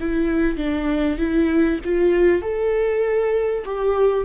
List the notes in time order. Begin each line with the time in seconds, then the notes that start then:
0.00 E4
0.57 D4
1.18 E4
1.85 F4
2.42 A4
3.65 G4